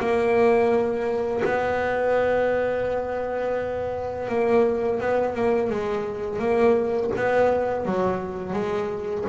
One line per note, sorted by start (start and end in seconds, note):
0.00 1.43 A#3
1.44 4.29 B3
4.29 5.00 A#3
5.00 5.35 B3
5.35 5.70 A#3
5.70 6.39 G#3
6.39 7.11 A#3
7.17 7.85 B3
7.85 8.53 F#3
8.53 9.25 G#3